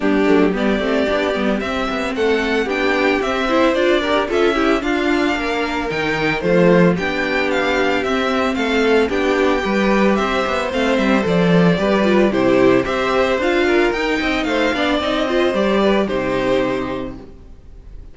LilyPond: <<
  \new Staff \with { instrumentName = "violin" } { \time 4/4 \tempo 4 = 112 g'4 d''2 e''4 | fis''4 g''4 e''4 d''4 | e''4 f''2 g''4 | c''4 g''4 f''4 e''4 |
f''4 g''2 e''4 | f''8 e''8 d''2 c''4 | e''4 f''4 g''4 f''4 | dis''4 d''4 c''2 | }
  \new Staff \with { instrumentName = "violin" } { \time 4/4 d'4 g'2. | a'4 g'4. c''4 ais'8 | a'8 g'8 f'4 ais'2 | f'4 g'2. |
a'4 g'4 b'4 c''4~ | c''2 b'4 g'4 | c''4. ais'4 dis''8 c''8 d''8~ | d''8 c''4 b'8 g'2 | }
  \new Staff \with { instrumentName = "viola" } { \time 4/4 b8 a8 b8 c'8 d'8 b8 c'4~ | c'4 d'4 c'8 e'8 f'8 g'8 | f'8 e'8 d'2 dis'4 | a4 d'2 c'4~ |
c'4 d'4 g'2 | c'4 a'4 g'8 f'8 e'4 | g'4 f'4 dis'4. d'8 | dis'8 f'8 g'4 dis'2 | }
  \new Staff \with { instrumentName = "cello" } { \time 4/4 g8 fis8 g8 a8 b8 g8 c'8 b8 | a4 b4 c'4 d'4 | cis'4 d'4 ais4 dis4 | f4 b2 c'4 |
a4 b4 g4 c'8 b8 | a8 g8 f4 g4 c4 | c'4 d'4 dis'8 c'8 a8 b8 | c'4 g4 c2 | }
>>